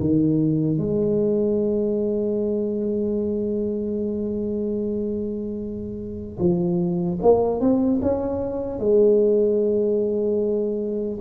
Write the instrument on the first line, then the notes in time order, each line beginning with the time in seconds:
tuba
0.00 D#3
0.78 G#3
6.39 F3
7.22 A#3
7.60 C4
8.02 C#4
8.79 G#3